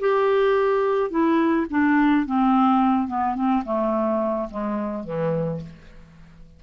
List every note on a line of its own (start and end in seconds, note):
0.00 1.10 G4
1.10 1.66 E4
1.70 2.26 D4
2.26 3.07 C4
3.07 3.35 B3
3.35 3.63 C4
3.64 4.49 A3
4.50 5.04 G#3
5.04 5.60 E3